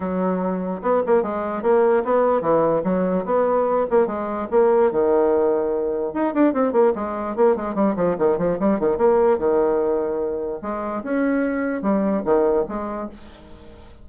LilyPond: \new Staff \with { instrumentName = "bassoon" } { \time 4/4 \tempo 4 = 147 fis2 b8 ais8 gis4 | ais4 b4 e4 fis4 | b4. ais8 gis4 ais4 | dis2. dis'8 d'8 |
c'8 ais8 gis4 ais8 gis8 g8 f8 | dis8 f8 g8 dis8 ais4 dis4~ | dis2 gis4 cis'4~ | cis'4 g4 dis4 gis4 | }